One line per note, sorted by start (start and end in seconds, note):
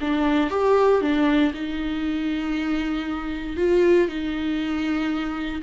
0.00 0.50 D4
0.50 1.01 G4
1.01 1.52 D4
1.53 3.56 D#4
3.56 4.08 F4
4.08 5.62 D#4